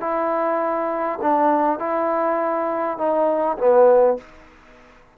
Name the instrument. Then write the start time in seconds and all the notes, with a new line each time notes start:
trombone
0.00 E4
1.22 D4
1.79 E4
2.98 D#4
3.58 B3